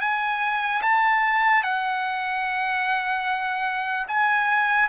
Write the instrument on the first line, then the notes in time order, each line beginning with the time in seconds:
trumpet
0.00 G#5
0.82 A5
1.63 F#5
4.08 G#5